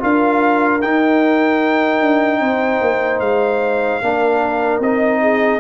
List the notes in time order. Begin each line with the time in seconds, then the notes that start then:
0.00 D4 F4 A#4 F5
0.81 D#4 G5
2.01 D4
2.40 C4 C5
2.81 A#3
3.20 G#3 F5
4.02 A#3 D4 A#4
4.80 C4 D#4 D#5
5.21 G#4